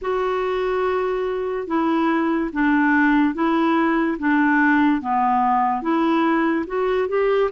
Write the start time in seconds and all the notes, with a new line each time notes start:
0.01 F#4
1.67 E4
2.52 D4
3.34 E4
4.18 D4
5.01 B3
5.81 E4
6.67 F#4
7.08 G4